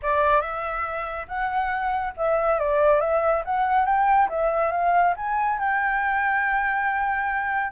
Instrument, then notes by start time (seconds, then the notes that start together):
flute
0.02 D5
0.41 E5
1.28 F#5
2.16 E5
2.59 D5
3.00 E5
3.44 F#5
3.85 G5
4.29 E5
4.71 F5
5.16 G#5
5.59 G5